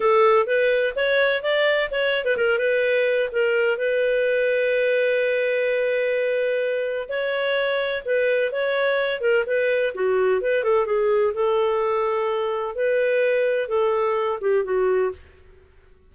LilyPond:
\new Staff \with { instrumentName = "clarinet" } { \time 4/4 \tempo 4 = 127 a'4 b'4 cis''4 d''4 | cis''8. b'16 ais'8 b'4. ais'4 | b'1~ | b'2. cis''4~ |
cis''4 b'4 cis''4. ais'8 | b'4 fis'4 b'8 a'8 gis'4 | a'2. b'4~ | b'4 a'4. g'8 fis'4 | }